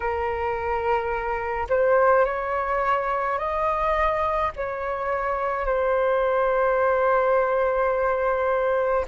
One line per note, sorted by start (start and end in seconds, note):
0.00 1.67 A#4
1.69 2.25 C5
2.25 3.38 C#5
3.38 4.51 D#5
4.55 5.66 C#5
5.66 9.05 C5